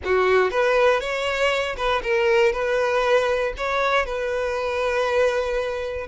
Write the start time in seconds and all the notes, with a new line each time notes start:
0.04 F#4
0.50 B4
1.00 C#5
1.76 B4
2.03 A#4
2.52 B4
3.57 C#5
4.05 B4